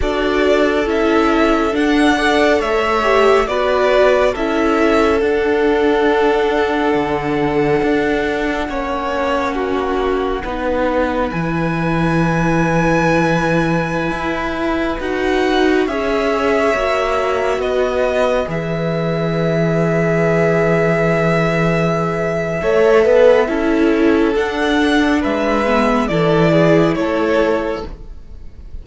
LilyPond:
<<
  \new Staff \with { instrumentName = "violin" } { \time 4/4 \tempo 4 = 69 d''4 e''4 fis''4 e''4 | d''4 e''4 fis''2~ | fis''1~ | fis''4 gis''2.~ |
gis''4~ gis''16 fis''4 e''4.~ e''16~ | e''16 dis''4 e''2~ e''8.~ | e''1 | fis''4 e''4 d''4 cis''4 | }
  \new Staff \with { instrumentName = "violin" } { \time 4/4 a'2~ a'8 d''8 cis''4 | b'4 a'2.~ | a'2 cis''4 fis'4 | b'1~ |
b'2~ b'16 cis''4.~ cis''16~ | cis''16 b'2.~ b'8.~ | b'2 cis''8 b'8 a'4~ | a'4 b'4 a'8 gis'8 a'4 | }
  \new Staff \with { instrumentName = "viola" } { \time 4/4 fis'4 e'4 d'8 a'4 g'8 | fis'4 e'4 d'2~ | d'2 cis'2 | dis'4 e'2.~ |
e'4~ e'16 fis'4 gis'4 fis'8.~ | fis'4~ fis'16 gis'2~ gis'8.~ | gis'2 a'4 e'4 | d'4. b8 e'2 | }
  \new Staff \with { instrumentName = "cello" } { \time 4/4 d'4 cis'4 d'4 a4 | b4 cis'4 d'2 | d4 d'4 ais2 | b4 e2.~ |
e16 e'4 dis'4 cis'4 ais8.~ | ais16 b4 e2~ e8.~ | e2 a8 b8 cis'4 | d'4 gis4 e4 a4 | }
>>